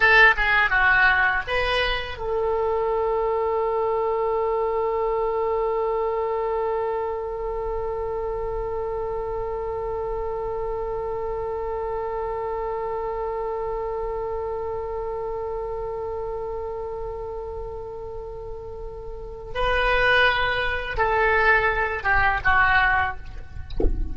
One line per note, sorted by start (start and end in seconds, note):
0.00 0.35 A4
0.36 0.70 G#4
0.70 1.42 F#4
1.47 2.17 B4
2.17 19.52 A4
19.54 20.97 B4
20.97 22.03 A4
22.03 22.39 G4
22.44 23.16 F#4